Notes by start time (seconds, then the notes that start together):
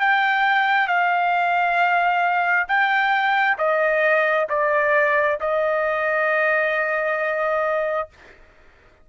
0.00 G5
0.88 F5
2.68 G5
3.58 D#5
4.49 D5
5.40 D#5